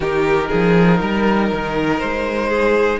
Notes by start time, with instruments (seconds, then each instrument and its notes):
0.00 cello D#3, viola D#4, violin G4 A#4
0.48 cello F3, violin G#4
1.01 cello G3, violin A#4
1.52 cello D#3
1.99 cello G#3, violin C5
2.49 violin G#4